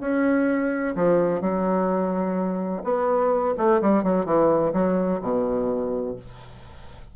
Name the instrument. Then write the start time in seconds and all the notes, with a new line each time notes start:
bassoon
0.00 C#4
0.95 F3
1.40 F#3
2.83 B3
3.57 A3
3.81 G3
4.03 F#3
4.25 E3
4.73 F#3
5.21 B2